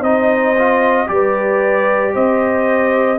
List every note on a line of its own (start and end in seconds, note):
0.00 1.06 C4
0.00 0.55 D#4
0.00 1.05 C5
0.00 1.08 D#5
0.58 1.07 F4
1.07 2.14 G3
1.07 3.17 G4
1.07 2.14 B4
1.07 2.14 D5
2.14 3.18 C4
2.14 3.18 C5
2.14 3.18 D#5